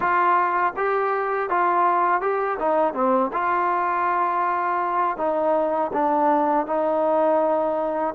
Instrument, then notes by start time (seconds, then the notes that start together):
trombone
0.00 F4
0.76 G4
1.49 F4
2.21 G4
2.59 D#4
2.93 C4
3.32 F4
5.17 D#4
5.93 D4
6.66 D#4